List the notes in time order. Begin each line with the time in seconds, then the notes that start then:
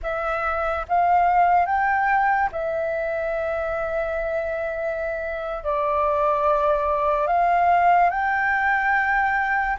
0.02 E5
0.88 F5
1.66 G5
2.52 E5
5.63 D5
7.27 F5
8.09 G5